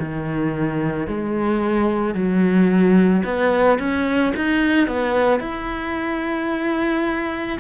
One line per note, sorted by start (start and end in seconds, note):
0.00 1.07 D#3
1.07 2.14 G#3
2.14 3.23 F#3
3.24 3.79 B3
3.79 4.33 C#4
4.36 4.87 D#4
4.87 5.40 B3
5.40 7.58 E4